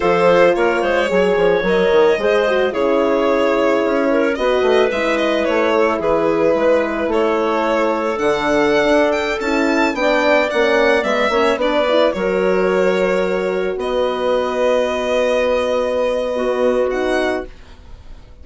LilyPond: <<
  \new Staff \with { instrumentName = "violin" } { \time 4/4 \tempo 4 = 110 c''4 cis''2 dis''4~ | dis''4 cis''2. | dis''4 e''8 dis''8 cis''4 b'4~ | b'4 cis''2 fis''4~ |
fis''8. g''8 a''4 g''4 fis''8.~ | fis''16 e''4 d''4 cis''4.~ cis''16~ | cis''4~ cis''16 dis''2~ dis''8.~ | dis''2. fis''4 | }
  \new Staff \with { instrumentName = "clarinet" } { \time 4/4 a'4 ais'8 c''8 cis''2 | c''4 gis'2~ gis'8 ais'8 | b'2~ b'8 a'8 gis'4 | b'4 a'2.~ |
a'2~ a'16 d''4.~ d''16~ | d''8. cis''8 b'4 ais'4.~ ais'16~ | ais'4~ ais'16 b'2~ b'8.~ | b'2 fis'2 | }
  \new Staff \with { instrumentName = "horn" } { \time 4/4 f'2 gis'4 ais'4 | gis'8 fis'8 e'2. | fis'4 e'2.~ | e'2. d'4~ |
d'4~ d'16 e'4 d'4 cis'8.~ | cis'16 b8 cis'8 d'8 e'8 fis'4.~ fis'16~ | fis'1~ | fis'2 b4 dis'4 | }
  \new Staff \with { instrumentName = "bassoon" } { \time 4/4 f4 ais8 gis8 fis8 f8 fis8 dis8 | gis4 cis2 cis'4 | b8 a8 gis4 a4 e4 | gis4 a2 d4~ |
d16 d'4 cis'4 b4 ais8.~ | ais16 gis8 ais8 b4 fis4.~ fis16~ | fis4~ fis16 b2~ b8.~ | b1 | }
>>